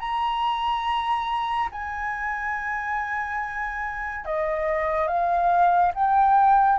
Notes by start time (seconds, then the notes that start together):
0.00 A#5
1.72 G#5
4.25 D#5
5.07 F5
5.95 G5